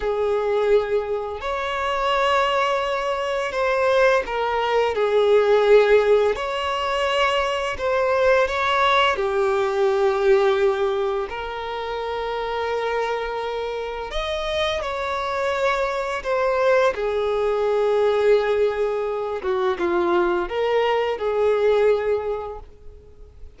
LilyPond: \new Staff \with { instrumentName = "violin" } { \time 4/4 \tempo 4 = 85 gis'2 cis''2~ | cis''4 c''4 ais'4 gis'4~ | gis'4 cis''2 c''4 | cis''4 g'2. |
ais'1 | dis''4 cis''2 c''4 | gis'2.~ gis'8 fis'8 | f'4 ais'4 gis'2 | }